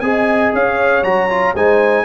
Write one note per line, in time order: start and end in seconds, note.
0.00 0.52 C4
0.00 1.03 G#4
0.00 0.55 D#5
0.00 0.51 G#5
0.52 1.02 C#4
0.52 1.53 C#5
0.52 1.03 F5
1.02 1.53 F#3
1.02 1.29 F#4
1.02 1.54 A#5
1.29 1.55 F4
1.53 2.05 G#3
1.53 2.05 D#4
1.53 2.04 C5
1.53 2.05 G#5